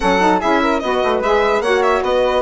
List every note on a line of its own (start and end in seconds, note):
0.00 0.43 F#3
0.00 0.20 C#4
0.00 0.39 A4
0.00 0.40 F#5
0.20 0.40 D#4
0.39 0.82 C#4
0.39 0.81 E4
0.39 0.60 G#4
0.39 0.79 E5
0.61 0.81 A#4
0.79 1.02 B3
0.79 1.23 F#4
0.79 1.62 B4
0.79 1.20 D#5
1.03 1.20 A3
1.20 1.60 G#3
1.20 1.64 G#4
1.20 1.62 E5
1.60 2.01 A#3
1.60 2.42 F#4
1.60 2.03 C#5
1.60 1.82 F#5
1.82 2.02 E5
2.02 2.42 B3
2.02 2.42 B4
2.02 2.42 D#5